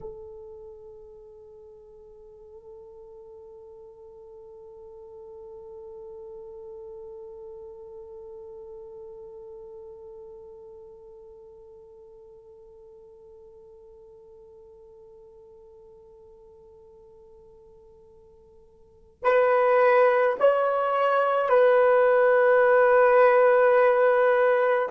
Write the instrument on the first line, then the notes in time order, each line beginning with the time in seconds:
horn
0.00 A4
19.22 B4
20.39 C#5
21.49 B4